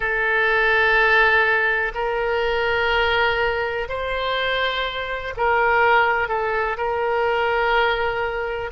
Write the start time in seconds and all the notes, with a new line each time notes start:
0.00 A4
1.94 A#4
3.88 C5
5.36 A#4
6.28 A4
6.77 A#4